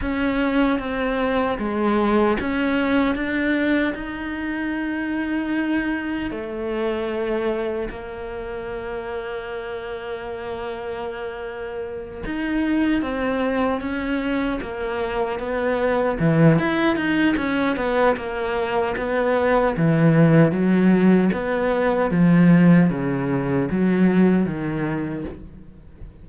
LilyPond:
\new Staff \with { instrumentName = "cello" } { \time 4/4 \tempo 4 = 76 cis'4 c'4 gis4 cis'4 | d'4 dis'2. | a2 ais2~ | ais2.~ ais8 dis'8~ |
dis'8 c'4 cis'4 ais4 b8~ | b8 e8 e'8 dis'8 cis'8 b8 ais4 | b4 e4 fis4 b4 | f4 cis4 fis4 dis4 | }